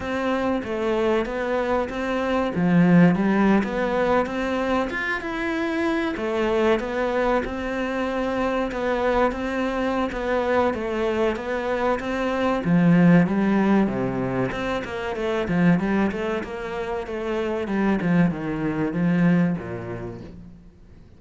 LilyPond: \new Staff \with { instrumentName = "cello" } { \time 4/4 \tempo 4 = 95 c'4 a4 b4 c'4 | f4 g8. b4 c'4 f'16~ | f'16 e'4. a4 b4 c'16~ | c'4.~ c'16 b4 c'4~ c'16 |
b4 a4 b4 c'4 | f4 g4 c4 c'8 ais8 | a8 f8 g8 a8 ais4 a4 | g8 f8 dis4 f4 ais,4 | }